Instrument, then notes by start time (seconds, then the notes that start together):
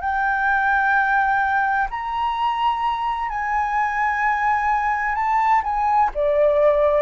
flute
0.00 G5
1.90 A#5
3.29 G#5
5.14 A5
5.63 G#5
6.14 D5